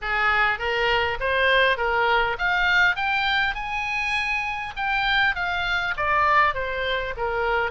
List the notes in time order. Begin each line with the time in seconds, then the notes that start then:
0.01 G#4
0.58 A#4
1.20 C5
1.77 A#4
2.38 F5
2.95 G5
3.55 G#5
4.76 G5
5.35 F5
5.96 D5
6.54 C5
7.16 A#4